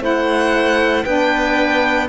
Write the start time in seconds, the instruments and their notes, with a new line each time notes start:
0.00 cello A3, saxophone E4, clarinet C5, violin F#5
1.05 cello B3, saxophone D4, clarinet B4, violin G5